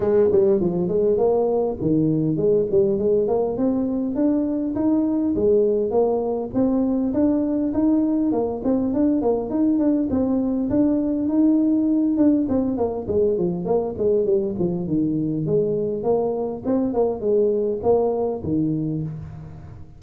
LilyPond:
\new Staff \with { instrumentName = "tuba" } { \time 4/4 \tempo 4 = 101 gis8 g8 f8 gis8 ais4 dis4 | gis8 g8 gis8 ais8 c'4 d'4 | dis'4 gis4 ais4 c'4 | d'4 dis'4 ais8 c'8 d'8 ais8 |
dis'8 d'8 c'4 d'4 dis'4~ | dis'8 d'8 c'8 ais8 gis8 f8 ais8 gis8 | g8 f8 dis4 gis4 ais4 | c'8 ais8 gis4 ais4 dis4 | }